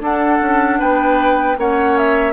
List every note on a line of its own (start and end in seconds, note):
0.00 0.39 D4
0.00 1.56 D4
0.00 0.79 A4
0.00 0.80 F#5
0.41 0.80 C#4
0.79 1.57 B3
0.79 1.57 B4
0.79 1.58 G5
1.57 2.33 A#3
1.57 2.33 C#4
1.57 2.33 C#5
1.57 1.97 F#5
1.97 2.33 E5